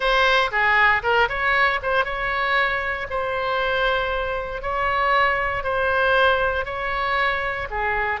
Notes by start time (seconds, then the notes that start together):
0.00 C5
0.51 G#4
1.02 A#4
1.28 C#5
1.82 C5
2.04 C#5
3.10 C5
4.62 C#5
5.63 C5
6.65 C#5
7.70 G#4